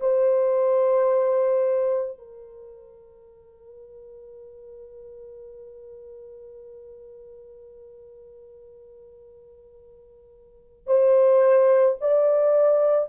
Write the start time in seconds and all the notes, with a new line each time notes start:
0.00 C5
2.18 A#4
10.87 C5
12.00 D5